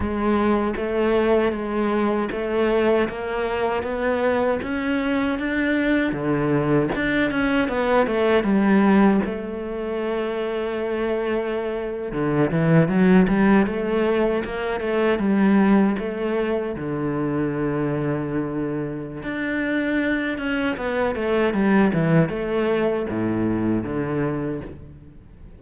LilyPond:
\new Staff \with { instrumentName = "cello" } { \time 4/4 \tempo 4 = 78 gis4 a4 gis4 a4 | ais4 b4 cis'4 d'4 | d4 d'8 cis'8 b8 a8 g4 | a2.~ a8. d16~ |
d16 e8 fis8 g8 a4 ais8 a8 g16~ | g8. a4 d2~ d16~ | d4 d'4. cis'8 b8 a8 | g8 e8 a4 a,4 d4 | }